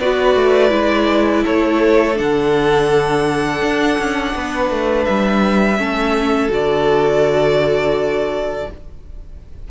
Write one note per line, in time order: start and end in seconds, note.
0.00 0.35 B3
0.00 0.69 F#4
0.00 1.44 B4
0.00 1.45 D5
0.35 0.71 A3
0.69 1.44 G#3
0.69 2.14 E4
1.44 2.20 A3
1.44 4.33 A4
1.44 2.18 C#5
2.14 3.62 D3
2.14 5.76 D4
2.14 5.05 F#5
3.62 3.98 D4
3.98 4.35 C#4
4.35 4.71 B3
4.35 5.79 B4
4.71 5.07 A3
5.05 5.79 G3
5.05 6.49 E5
5.78 6.48 A3
5.78 6.49 C#4
5.78 8.68 A4
6.48 8.65 D3
6.48 8.66 F#4
6.48 8.71 D5